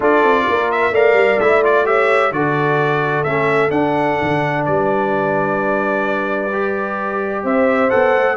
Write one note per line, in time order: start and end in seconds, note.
0.00 0.23 D4
0.00 0.93 F4
0.00 0.44 A4
0.00 0.71 D5
0.23 0.46 C4
0.48 0.90 A#3
0.48 0.92 A#4
0.71 0.94 E5
0.90 1.13 A3
0.90 1.41 A#4
0.90 1.85 D5
0.90 1.39 F5
1.13 1.37 G3
1.38 2.31 A3
1.38 1.63 E4
1.38 1.62 E5
1.63 1.85 F4
1.63 1.86 D5
1.85 2.31 G4
1.85 2.34 C#5
1.85 2.32 E5
2.31 3.24 D3
2.31 3.25 F#4
2.31 4.64 A4
2.31 3.23 D5
3.23 3.71 A3
3.23 3.70 C#4
3.23 3.70 E5
3.70 6.49 D4
3.70 4.17 D4
3.70 4.63 F#5
4.21 4.67 D3
4.64 7.44 G3
4.64 7.43 B4
4.64 7.44 D5
6.52 7.90 G4
7.43 7.90 C4
7.43 8.36 C5
7.43 7.90 E5
7.90 8.17 B3
7.90 8.36 A4
7.90 8.36 F#5
8.17 8.36 A3